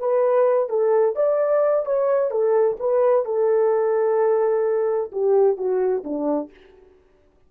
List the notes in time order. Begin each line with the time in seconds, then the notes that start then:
0.00 B4
0.70 A4
1.16 D5
1.86 C#5
2.31 A4
2.80 B4
3.26 A4
5.12 G4
5.58 F#4
6.04 D4